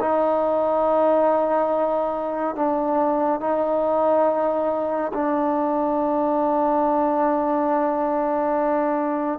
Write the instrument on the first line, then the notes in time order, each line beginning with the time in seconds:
trombone
0.00 D#4
2.56 D4
3.41 D#4
5.14 D4